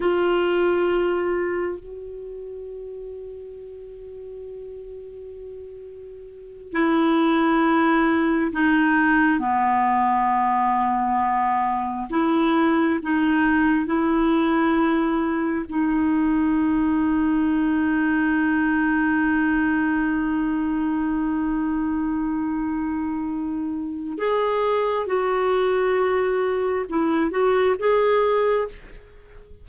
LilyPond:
\new Staff \with { instrumentName = "clarinet" } { \time 4/4 \tempo 4 = 67 f'2 fis'2~ | fis'2.~ fis'8 e'8~ | e'4. dis'4 b4.~ | b4. e'4 dis'4 e'8~ |
e'4. dis'2~ dis'8~ | dis'1~ | dis'2. gis'4 | fis'2 e'8 fis'8 gis'4 | }